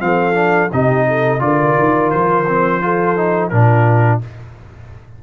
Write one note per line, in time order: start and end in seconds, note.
0.00 0.70 F3
0.00 0.34 C4
0.00 0.73 A4
0.00 0.71 F5
0.34 0.69 D4
0.73 1.41 C3
0.73 1.39 D#4
0.73 1.07 G4
0.73 1.41 D#5
1.08 1.42 A4
1.39 1.75 D3
1.39 2.44 F4
1.39 2.83 A#4
1.39 2.10 D5
1.79 2.14 D#3
2.10 3.52 F3
2.10 3.49 C5
2.48 2.82 C4
2.82 3.16 F4
2.82 3.53 A4
3.17 3.51 D#4
3.49 4.22 A#2
3.49 4.21 D4
3.49 4.23 F4
3.49 4.19 A#4